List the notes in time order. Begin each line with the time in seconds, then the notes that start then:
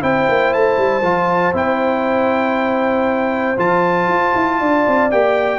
0.00 C4 E4 C5 G5
0.29 A#3
0.54 A3 A5
0.78 G3
1.03 F3 F4
1.54 C4 E4 G5
3.58 F3 F4 A5
4.08 F4
4.35 E4
4.61 D4 D5
4.88 C4
5.11 A#3 G4 G5